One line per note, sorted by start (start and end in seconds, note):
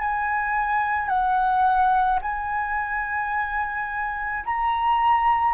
0.00 1.08 G#5
1.08 2.19 F#5
2.22 4.44 G#5
4.45 5.54 A#5